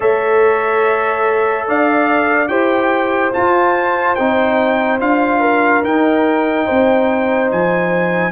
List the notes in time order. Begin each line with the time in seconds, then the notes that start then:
0.00 A3 A4 C#5 E5
1.67 D4 D5 F5
2.48 E4 G4 C5 G5
3.32 F4 A5
4.15 C4 D#4 G5
4.99 D4 F4 F5
5.40 A#4
5.83 D#4 G5
6.66 C4 C5
7.51 F3 G#5